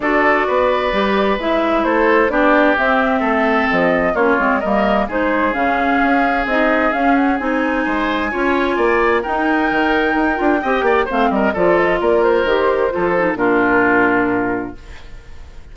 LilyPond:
<<
  \new Staff \with { instrumentName = "flute" } { \time 4/4 \tempo 4 = 130 d''2. e''4 | c''4 d''4 e''2 | dis''4 cis''4 dis''4 c''4 | f''2 dis''4 f''8 fis''8 |
gis''1 | g''1 | f''8 dis''8 d''8 dis''8 d''8 c''4.~ | c''4 ais'2. | }
  \new Staff \with { instrumentName = "oboe" } { \time 4/4 a'4 b'2. | a'4 g'2 a'4~ | a'4 f'4 ais'4 gis'4~ | gis'1~ |
gis'4 c''4 cis''4 d''4 | ais'2. dis''8 d''8 | c''8 ais'8 a'4 ais'2 | a'4 f'2. | }
  \new Staff \with { instrumentName = "clarinet" } { \time 4/4 fis'2 g'4 e'4~ | e'4 d'4 c'2~ | c'4 cis'8 c'8 ais4 dis'4 | cis'2 dis'4 cis'4 |
dis'2 f'2 | dis'2~ dis'8 f'8 g'4 | c'4 f'2 g'4 | f'8 dis'8 d'2. | }
  \new Staff \with { instrumentName = "bassoon" } { \time 4/4 d'4 b4 g4 gis4 | a4 b4 c'4 a4 | f4 ais8 gis8 g4 gis4 | cis4 cis'4 c'4 cis'4 |
c'4 gis4 cis'4 ais4 | dis'4 dis4 dis'8 d'8 c'8 ais8 | a8 g8 f4 ais4 dis4 | f4 ais,2. | }
>>